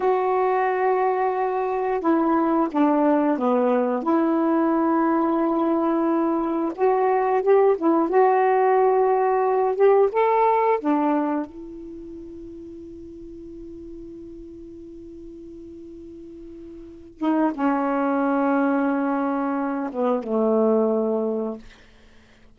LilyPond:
\new Staff \with { instrumentName = "saxophone" } { \time 4/4 \tempo 4 = 89 fis'2. e'4 | d'4 b4 e'2~ | e'2 fis'4 g'8 e'8 | fis'2~ fis'8 g'8 a'4 |
d'4 e'2.~ | e'1~ | e'4. dis'8 cis'2~ | cis'4. b8 a2 | }